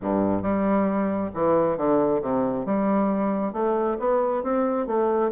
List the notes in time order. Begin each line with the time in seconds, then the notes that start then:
0.01 G2
0.42 G3
1.34 E3
1.77 D3
2.21 C3
2.65 G3
3.53 A3
3.99 B3
4.43 C4
4.86 A3